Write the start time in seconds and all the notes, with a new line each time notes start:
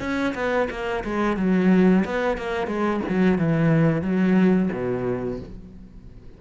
0.00 C#4
0.35 B3
0.70 A#3
1.04 G#3
1.37 F#3
2.05 B3
2.37 A#3
2.67 G#3
3.09 F#3
3.38 E3
4.02 F#3
4.73 B2